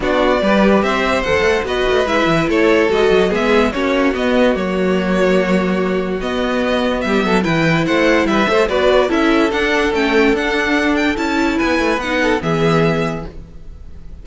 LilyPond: <<
  \new Staff \with { instrumentName = "violin" } { \time 4/4 \tempo 4 = 145 d''2 e''4 fis''4 | dis''4 e''4 cis''4 dis''4 | e''4 cis''4 dis''4 cis''4~ | cis''2. dis''4~ |
dis''4 e''4 g''4 fis''4 | e''4 d''4 e''4 fis''4 | g''4 fis''4. g''8 a''4 | gis''4 fis''4 e''2 | }
  \new Staff \with { instrumentName = "violin" } { \time 4/4 fis'4 b'4 c''2 | b'2 a'2 | gis'4 fis'2.~ | fis'1~ |
fis'4 g'8 a'8 b'4 c''4 | b'8 c''8 b'4 a'2~ | a'1 | b'4. a'8 gis'2 | }
  \new Staff \with { instrumentName = "viola" } { \time 4/4 d'4 g'2 a'4 | fis'4 e'2 fis'4 | b4 cis'4 b4 ais4~ | ais2. b4~ |
b2 e'2~ | e'8 a'8 fis'4 e'4 d'4 | cis'4 d'2 e'4~ | e'4 dis'4 b2 | }
  \new Staff \with { instrumentName = "cello" } { \time 4/4 b4 g4 c'4 dis,8 a8 | b8 a8 gis8 e8 a4 gis8 fis8 | gis4 ais4 b4 fis4~ | fis2. b4~ |
b4 g8 fis8 e4 a4 | g8 a8 b4 cis'4 d'4 | a4 d'2 cis'4 | b8 a8 b4 e2 | }
>>